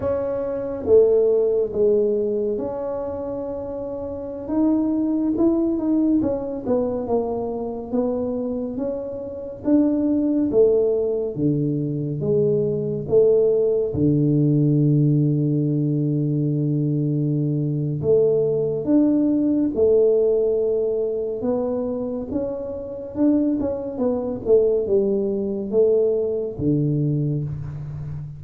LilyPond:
\new Staff \with { instrumentName = "tuba" } { \time 4/4 \tempo 4 = 70 cis'4 a4 gis4 cis'4~ | cis'4~ cis'16 dis'4 e'8 dis'8 cis'8 b16~ | b16 ais4 b4 cis'4 d'8.~ | d'16 a4 d4 gis4 a8.~ |
a16 d2.~ d8.~ | d4 a4 d'4 a4~ | a4 b4 cis'4 d'8 cis'8 | b8 a8 g4 a4 d4 | }